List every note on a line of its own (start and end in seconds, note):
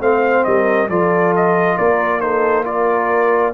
0.00 0.44 A3
0.00 0.88 C4
0.00 0.46 C5
0.00 0.44 F5
0.44 0.89 G3
0.44 0.90 A#4
0.44 0.88 D#5
0.89 1.77 F3
0.89 2.21 F4
0.89 1.78 A4
0.89 1.34 D5
1.36 1.78 D#5
1.78 3.53 A#3
1.78 2.22 A#4
1.78 2.20 D5
2.20 2.64 D#4
2.20 2.67 A4
2.20 2.64 C5
2.64 3.53 F4
2.64 3.53 A#4
2.64 3.53 D5